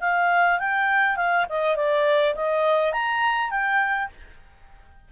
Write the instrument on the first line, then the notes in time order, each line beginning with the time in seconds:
clarinet
0.00 F5
0.59 G5
1.16 F5
1.49 D#5
1.76 D5
2.35 D#5
2.92 A#5
3.50 G5